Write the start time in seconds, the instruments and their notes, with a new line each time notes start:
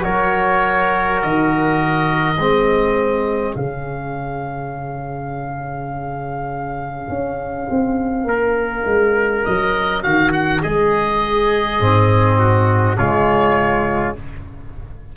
0.00 tuba F#3, trombone F#4, trumpet A#4, oboe C#5
1.22 tuba D#3, oboe D#5
2.37 tuba G#3, trombone C4, trumpet G#4
3.56 tuba C#3, trombone C#4, oboe F5
7.09 tuba C#4
7.70 tuba C4
8.24 tuba A#3, trumpet A#4
8.86 tuba G#3
9.45 tuba F#3, oboe D#5
10.03 tuba D#3, trumpet F#4, oboe F5
10.32 oboe F#5
10.62 tuba G#3, trumpet G#4, oboe D#5
11.80 tuba G#2, trombone C4
12.39 trumpet F#4
12.97 tuba C#3, trombone G#3, trumpet F4, oboe C#5